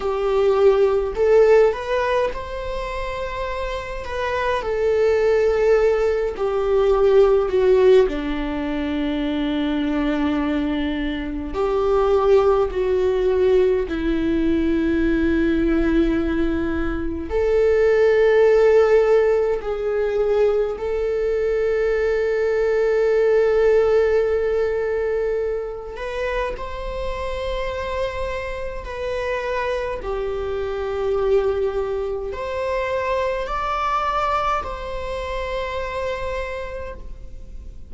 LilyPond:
\new Staff \with { instrumentName = "viola" } { \time 4/4 \tempo 4 = 52 g'4 a'8 b'8 c''4. b'8 | a'4. g'4 fis'8 d'4~ | d'2 g'4 fis'4 | e'2. a'4~ |
a'4 gis'4 a'2~ | a'2~ a'8 b'8 c''4~ | c''4 b'4 g'2 | c''4 d''4 c''2 | }